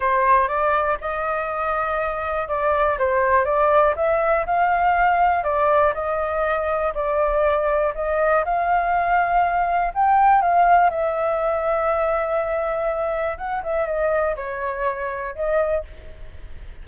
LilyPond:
\new Staff \with { instrumentName = "flute" } { \time 4/4 \tempo 4 = 121 c''4 d''4 dis''2~ | dis''4 d''4 c''4 d''4 | e''4 f''2 d''4 | dis''2 d''2 |
dis''4 f''2. | g''4 f''4 e''2~ | e''2. fis''8 e''8 | dis''4 cis''2 dis''4 | }